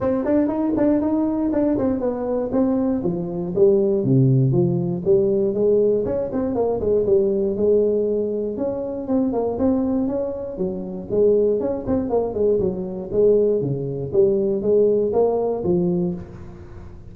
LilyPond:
\new Staff \with { instrumentName = "tuba" } { \time 4/4 \tempo 4 = 119 c'8 d'8 dis'8 d'8 dis'4 d'8 c'8 | b4 c'4 f4 g4 | c4 f4 g4 gis4 | cis'8 c'8 ais8 gis8 g4 gis4~ |
gis4 cis'4 c'8 ais8 c'4 | cis'4 fis4 gis4 cis'8 c'8 | ais8 gis8 fis4 gis4 cis4 | g4 gis4 ais4 f4 | }